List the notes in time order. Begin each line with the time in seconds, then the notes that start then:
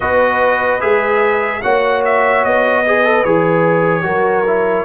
0.00 B3 F#4 B4 D#5
0.80 G#3 G#4 E5
1.61 A#3 F#4 C#5 F#5
2.04 E5
2.44 B3 D#5
2.86 G#4 B4
3.03 A4
3.24 E3 G#4 C#5
4.03 F#3 F#4 A#4
4.46 E4